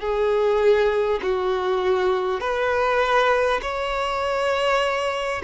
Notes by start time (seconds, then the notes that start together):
0.00 G#4
1.23 F#4
2.41 B4
3.63 C#5